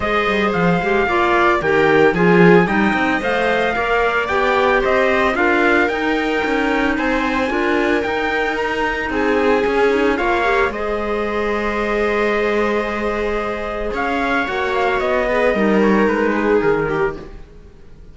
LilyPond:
<<
  \new Staff \with { instrumentName = "trumpet" } { \time 4/4 \tempo 4 = 112 dis''4 f''2 g''4 | gis''4 g''4 f''2 | g''4 dis''4 f''4 g''4~ | g''4 gis''2 g''4 |
ais''4 gis''2 f''4 | dis''1~ | dis''2 f''4 fis''8 f''8 | dis''4. cis''8 b'4 ais'4 | }
  \new Staff \with { instrumentName = "viola" } { \time 4/4 c''2 d''4 ais'4 | gis'4 dis''2 d''4~ | d''4 c''4 ais'2~ | ais'4 c''4 ais'2~ |
ais'4 gis'2 cis''4 | c''1~ | c''2 cis''2~ | cis''8 b'8 ais'4. gis'4 g'8 | }
  \new Staff \with { instrumentName = "clarinet" } { \time 4/4 gis'4. g'8 f'4 g'4 | f'4 dis'4 c''4 ais'4 | g'2 f'4 dis'4~ | dis'2 f'4 dis'4~ |
dis'2 cis'8 dis'8 f'8 g'8 | gis'1~ | gis'2. fis'4~ | fis'8 gis'8 dis'2. | }
  \new Staff \with { instrumentName = "cello" } { \time 4/4 gis8 g8 f8 gis8 ais4 dis4 | f4 g8 c'8 a4 ais4 | b4 c'4 d'4 dis'4 | cis'4 c'4 d'4 dis'4~ |
dis'4 c'4 cis'4 ais4 | gis1~ | gis2 cis'4 ais4 | b4 g4 gis4 dis4 | }
>>